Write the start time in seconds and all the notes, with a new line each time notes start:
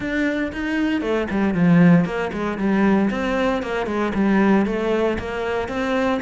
0.00 D4
0.52 D#4
1.01 A3
1.30 G3
1.54 F3
2.05 A#3
2.33 G#3
2.58 G3
3.10 C4
3.62 A#3
3.86 G#3
4.14 G3
4.66 A3
5.19 A#3
5.68 C4